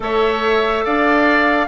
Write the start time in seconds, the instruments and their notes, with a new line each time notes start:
0.00 bassoon A3, clarinet A4, oboe C#5, flute E5
0.85 bassoon D4, oboe D5, flute F5